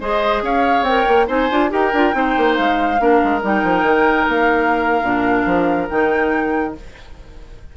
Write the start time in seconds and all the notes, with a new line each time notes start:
0.00 G#3 G#4 C5 D#5
0.42 C#4 C#5 F5
0.82 C4 A#4 G5
1.08 A#3
1.27 C4 D#4 C5 G#5
1.51 D4 F4
1.70 D#4 G4 A#4 G5
1.93 D4 F4
2.12 C4 D#4 C5
2.37 A#3
2.55 G#3 F5
2.99 A#3 D4 A#4
3.24 G#3
3.42 G3 D#4 G5
3.63 F3
3.82 D#3
4.28 A#3 F5
5.02 A#2 D4
5.46 F3
5.89 D#3 D#4 G5